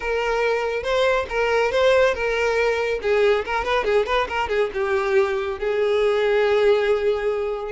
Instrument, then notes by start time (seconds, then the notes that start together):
violin
0.00 A#4
0.83 C5
1.29 A#4
1.71 C5
2.14 A#4
3.02 G#4
3.45 A#4
3.64 B4
3.84 G#4
4.06 B4
4.28 A#4
4.48 G#4
4.73 G4
5.59 G#4